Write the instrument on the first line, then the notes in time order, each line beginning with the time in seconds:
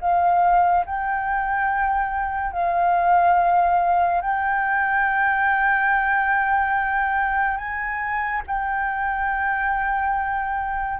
flute
0.00 F5
0.85 G5
2.52 F5
4.21 G5
7.57 G#5
8.47 G5